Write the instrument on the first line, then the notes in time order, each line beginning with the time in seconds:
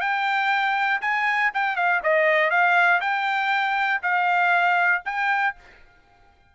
trumpet
0.00 G5
1.01 G#5
1.54 G5
1.75 F5
2.03 D#5
2.50 F5
3.00 G5
4.02 F5
5.05 G5